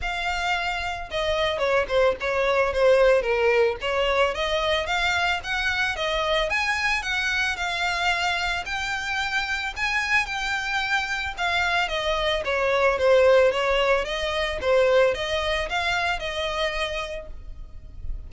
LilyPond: \new Staff \with { instrumentName = "violin" } { \time 4/4 \tempo 4 = 111 f''2 dis''4 cis''8 c''8 | cis''4 c''4 ais'4 cis''4 | dis''4 f''4 fis''4 dis''4 | gis''4 fis''4 f''2 |
g''2 gis''4 g''4~ | g''4 f''4 dis''4 cis''4 | c''4 cis''4 dis''4 c''4 | dis''4 f''4 dis''2 | }